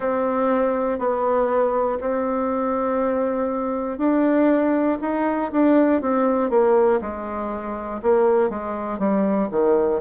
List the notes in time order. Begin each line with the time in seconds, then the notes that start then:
0.00 C4
0.98 B3
2.00 C4
3.98 D4
5.01 D#4
5.52 D4
6.01 C4
6.50 A#3
7.01 G#3
8.02 A#3
8.50 G#3
8.99 G3
9.50 D#3